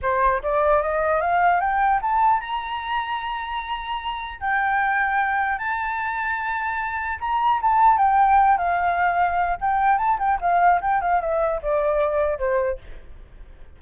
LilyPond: \new Staff \with { instrumentName = "flute" } { \time 4/4 \tempo 4 = 150 c''4 d''4 dis''4 f''4 | g''4 a''4 ais''2~ | ais''2. g''4~ | g''2 a''2~ |
a''2 ais''4 a''4 | g''4. f''2~ f''8 | g''4 a''8 g''8 f''4 g''8 f''8 | e''4 d''2 c''4 | }